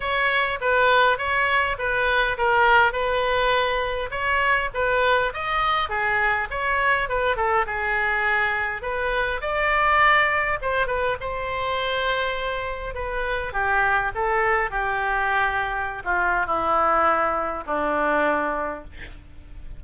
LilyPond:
\new Staff \with { instrumentName = "oboe" } { \time 4/4 \tempo 4 = 102 cis''4 b'4 cis''4 b'4 | ais'4 b'2 cis''4 | b'4 dis''4 gis'4 cis''4 | b'8 a'8 gis'2 b'4 |
d''2 c''8 b'8 c''4~ | c''2 b'4 g'4 | a'4 g'2~ g'16 f'8. | e'2 d'2 | }